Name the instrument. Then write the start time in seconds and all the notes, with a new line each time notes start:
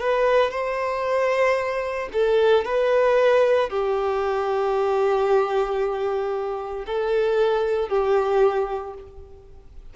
violin
0.00 B4
0.51 C5
2.13 A4
2.66 B4
3.70 G4
6.87 A4
7.89 G4